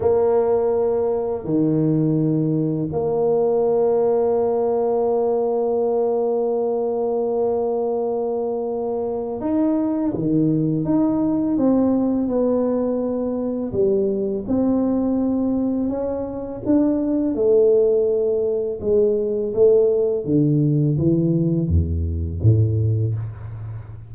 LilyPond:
\new Staff \with { instrumentName = "tuba" } { \time 4/4 \tempo 4 = 83 ais2 dis2 | ais1~ | ais1~ | ais4 dis'4 dis4 dis'4 |
c'4 b2 g4 | c'2 cis'4 d'4 | a2 gis4 a4 | d4 e4 e,4 a,4 | }